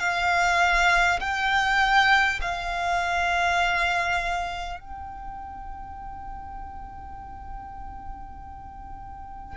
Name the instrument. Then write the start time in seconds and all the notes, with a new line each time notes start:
violin
0.00 F5
1.20 G5
2.42 F5
4.81 G5